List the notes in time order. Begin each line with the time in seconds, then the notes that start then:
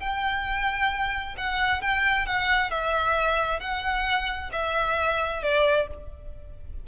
0.00 G5
1.37 F#5
1.81 G5
2.26 F#5
2.71 E5
3.60 F#5
4.52 E5
5.43 D5